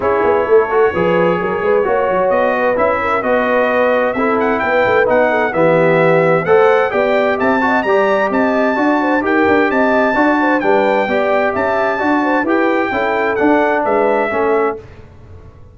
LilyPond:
<<
  \new Staff \with { instrumentName = "trumpet" } { \time 4/4 \tempo 4 = 130 cis''1~ | cis''4 dis''4 e''4 dis''4~ | dis''4 e''8 fis''8 g''4 fis''4 | e''2 fis''4 g''4 |
a''4 ais''4 a''2 | g''4 a''2 g''4~ | g''4 a''2 g''4~ | g''4 fis''4 e''2 | }
  \new Staff \with { instrumentName = "horn" } { \time 4/4 gis'4 a'4 b'4 ais'8 b'8 | cis''4. b'4 ais'8 b'4~ | b'4 a'4 b'4. a'8 | g'2 c''4 d''4 |
e''8 dis''8 d''4 dis''4 d''8 c''8 | ais'4 dis''4 d''8 c''8 b'4 | d''4 e''4 d''8 c''8 b'4 | a'2 b'4 a'4 | }
  \new Staff \with { instrumentName = "trombone" } { \time 4/4 e'4. fis'8 gis'2 | fis'2 e'4 fis'4~ | fis'4 e'2 dis'4 | b2 a'4 g'4~ |
g'8 fis'8 g'2 fis'4 | g'2 fis'4 d'4 | g'2 fis'4 g'4 | e'4 d'2 cis'4 | }
  \new Staff \with { instrumentName = "tuba" } { \time 4/4 cis'8 b8 a4 f4 fis8 gis8 | ais8 fis8 b4 cis'4 b4~ | b4 c'4 b8 a8 b4 | e2 a4 b4 |
c'4 g4 c'4 d'4 | dis'8 d'8 c'4 d'4 g4 | b4 cis'4 d'4 e'4 | cis'4 d'4 gis4 a4 | }
>>